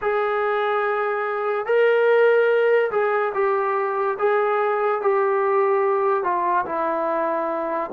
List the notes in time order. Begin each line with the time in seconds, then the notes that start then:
0.02 G#4
1.66 A#4
2.91 G#4
3.34 G4
4.19 G#4
5.01 G4
6.23 F4
6.65 E4